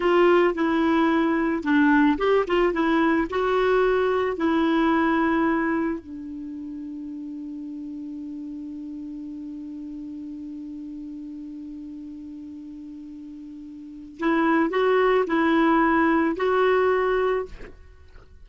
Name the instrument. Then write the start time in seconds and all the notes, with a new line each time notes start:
clarinet
0.00 F4
0.54 E4
1.63 D4
2.18 G4
2.47 F4
2.73 E4
3.30 F#4
4.37 E4
6.00 D4
14.19 E4
14.70 F#4
15.27 E4
16.36 F#4